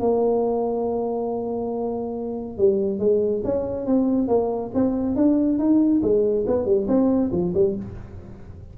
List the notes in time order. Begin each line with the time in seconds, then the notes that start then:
0.00 A#3
2.58 G3
2.99 G#3
3.45 C#4
3.86 C4
4.28 A#3
4.74 C4
5.16 D4
5.59 D#4
6.02 G#3
6.47 B3
6.66 G3
6.88 C4
7.32 F3
7.54 G3